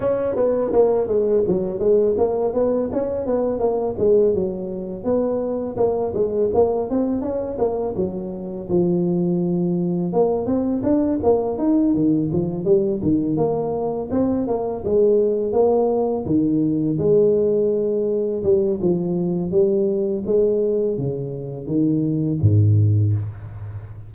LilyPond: \new Staff \with { instrumentName = "tuba" } { \time 4/4 \tempo 4 = 83 cis'8 b8 ais8 gis8 fis8 gis8 ais8 b8 | cis'8 b8 ais8 gis8 fis4 b4 | ais8 gis8 ais8 c'8 cis'8 ais8 fis4 | f2 ais8 c'8 d'8 ais8 |
dis'8 dis8 f8 g8 dis8 ais4 c'8 | ais8 gis4 ais4 dis4 gis8~ | gis4. g8 f4 g4 | gis4 cis4 dis4 gis,4 | }